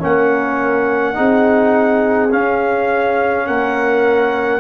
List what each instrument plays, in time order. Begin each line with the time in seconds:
0.00 tuba A#3, trombone C#4, horn A#4, trumpet F#5
1.14 tuba C4, trombone D#4, horn G#4
2.31 trombone C#4, tuba C#4, trumpet F5
3.46 tuba A#3, horn A#4, trumpet F#5